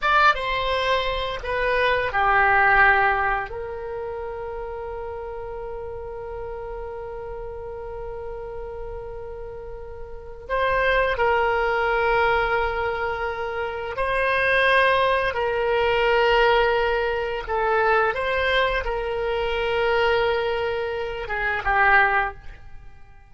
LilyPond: \new Staff \with { instrumentName = "oboe" } { \time 4/4 \tempo 4 = 86 d''8 c''4. b'4 g'4~ | g'4 ais'2.~ | ais'1~ | ais'2. c''4 |
ais'1 | c''2 ais'2~ | ais'4 a'4 c''4 ais'4~ | ais'2~ ais'8 gis'8 g'4 | }